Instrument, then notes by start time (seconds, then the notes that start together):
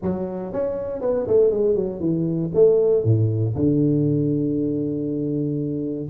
tuba
0.01 F#3
0.52 C#4
1.01 B3
1.27 A3
1.50 G#3
1.75 F#3
2.00 E3
2.54 A3
3.04 A2
3.55 D3